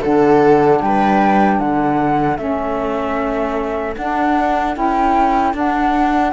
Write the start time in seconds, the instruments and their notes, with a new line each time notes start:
0.00 cello D3, saxophone D4, viola A4, flute F#5
0.81 cello G3, viola B4, flute G5
1.59 cello D3, viola A4, flute F#5
2.36 cello A3, saxophone C#4, flute E5
3.96 cello D4, saxophone D4, flute F#5
4.74 cello C#4, saxophone E4, flute G5
5.53 saxophone D4, cello D4, flute F#5